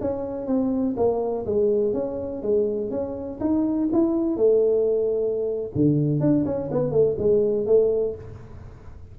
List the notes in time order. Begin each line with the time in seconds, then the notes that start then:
0.00 C#4
0.46 C4
0.96 A#3
1.45 G#3
1.93 C#4
2.42 G#3
2.90 C#4
3.40 D#4
3.92 E4
4.36 A3
5.74 D3
6.20 D4
6.45 C#4
6.71 B3
6.91 A3
7.18 G#3
7.66 A3